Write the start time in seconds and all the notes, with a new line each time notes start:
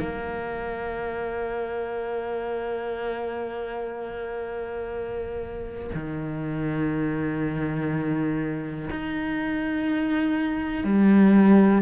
0.00 A#3
5.95 D#3
8.91 D#4
10.84 G3